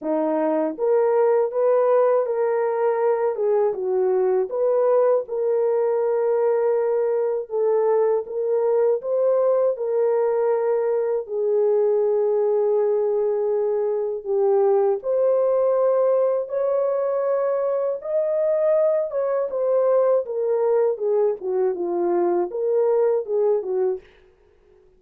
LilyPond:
\new Staff \with { instrumentName = "horn" } { \time 4/4 \tempo 4 = 80 dis'4 ais'4 b'4 ais'4~ | ais'8 gis'8 fis'4 b'4 ais'4~ | ais'2 a'4 ais'4 | c''4 ais'2 gis'4~ |
gis'2. g'4 | c''2 cis''2 | dis''4. cis''8 c''4 ais'4 | gis'8 fis'8 f'4 ais'4 gis'8 fis'8 | }